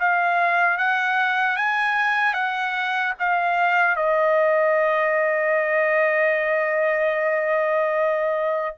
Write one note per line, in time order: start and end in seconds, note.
0.00 0.78 F5
0.78 1.57 F#5
1.57 2.34 G#5
2.34 3.14 F#5
3.19 3.96 F5
3.96 8.76 D#5